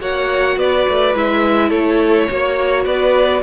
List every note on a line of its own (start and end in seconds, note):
0.00 0.57 A#3
0.00 1.15 F#4
0.00 0.58 C#5
0.00 0.59 F#5
0.57 0.85 B3
0.57 1.68 B4
0.57 1.16 D5
0.89 1.15 A3
1.15 1.71 G#3
1.15 2.29 E4
1.15 1.70 E5
1.68 2.28 A3
1.68 2.26 A4
1.68 2.84 C#5
2.29 2.85 A#3
2.29 3.43 F#4
2.29 2.86 C#5
2.85 3.42 B3
2.85 3.43 B4
2.85 3.42 D5